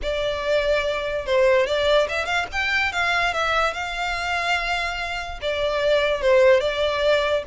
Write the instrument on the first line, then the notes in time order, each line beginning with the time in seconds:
violin
0.02 D5
1.26 C5
1.66 D5
2.08 E5
2.25 F5
2.51 G5
2.92 F5
3.33 E5
3.73 F5
5.41 D5
6.21 C5
6.60 D5